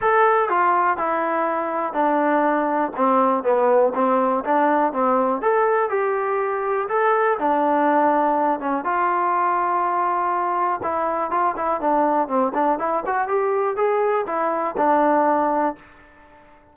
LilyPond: \new Staff \with { instrumentName = "trombone" } { \time 4/4 \tempo 4 = 122 a'4 f'4 e'2 | d'2 c'4 b4 | c'4 d'4 c'4 a'4 | g'2 a'4 d'4~ |
d'4. cis'8 f'2~ | f'2 e'4 f'8 e'8 | d'4 c'8 d'8 e'8 fis'8 g'4 | gis'4 e'4 d'2 | }